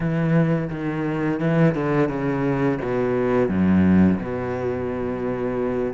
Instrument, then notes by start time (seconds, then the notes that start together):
cello
0.00 E3
0.70 D#3
1.40 E3
1.74 D3
2.08 C#3
2.81 B2
3.48 F#2
4.19 B2